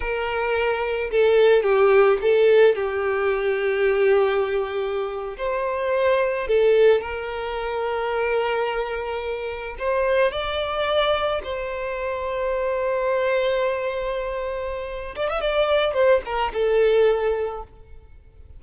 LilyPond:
\new Staff \with { instrumentName = "violin" } { \time 4/4 \tempo 4 = 109 ais'2 a'4 g'4 | a'4 g'2.~ | g'4.~ g'16 c''2 a'16~ | a'8. ais'2.~ ais'16~ |
ais'4.~ ais'16 c''4 d''4~ d''16~ | d''8. c''2.~ c''16~ | c''2.~ c''8 d''16 e''16 | d''4 c''8 ais'8 a'2 | }